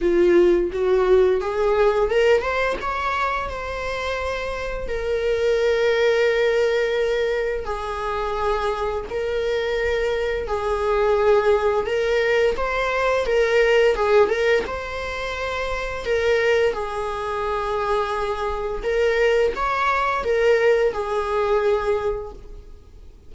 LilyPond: \new Staff \with { instrumentName = "viola" } { \time 4/4 \tempo 4 = 86 f'4 fis'4 gis'4 ais'8 c''8 | cis''4 c''2 ais'4~ | ais'2. gis'4~ | gis'4 ais'2 gis'4~ |
gis'4 ais'4 c''4 ais'4 | gis'8 ais'8 c''2 ais'4 | gis'2. ais'4 | cis''4 ais'4 gis'2 | }